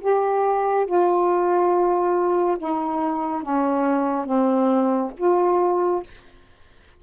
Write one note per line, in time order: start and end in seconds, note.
0.00 0.86 G4
0.86 2.57 F4
2.58 3.42 D#4
3.42 4.25 C#4
4.25 5.11 C4
5.17 6.03 F4